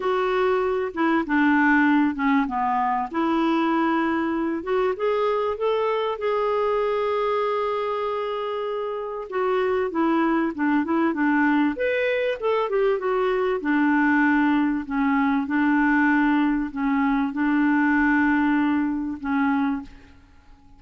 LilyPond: \new Staff \with { instrumentName = "clarinet" } { \time 4/4 \tempo 4 = 97 fis'4. e'8 d'4. cis'8 | b4 e'2~ e'8 fis'8 | gis'4 a'4 gis'2~ | gis'2. fis'4 |
e'4 d'8 e'8 d'4 b'4 | a'8 g'8 fis'4 d'2 | cis'4 d'2 cis'4 | d'2. cis'4 | }